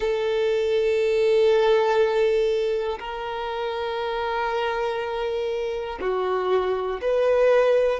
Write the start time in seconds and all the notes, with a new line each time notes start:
0.00 A4
2.99 A#4
6.00 F#4
7.00 B4